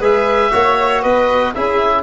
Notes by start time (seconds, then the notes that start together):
0.00 G#3 G#4 B4 E5
0.51 A#3 F#4 C#5
1.02 B3 B4 D#5
1.54 C#4 E4 G#4 E5